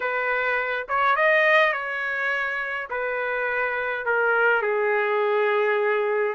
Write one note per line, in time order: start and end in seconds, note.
0.00 0.86 B4
0.88 1.15 C#5
1.15 1.73 D#5
1.73 2.88 C#5
2.90 4.05 B4
4.05 4.62 A#4
4.62 6.35 G#4